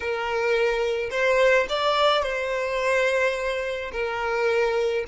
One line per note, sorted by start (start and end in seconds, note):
0.00 1.10 A#4
1.10 1.66 C5
1.69 2.23 D5
2.23 3.91 C5
3.92 5.04 A#4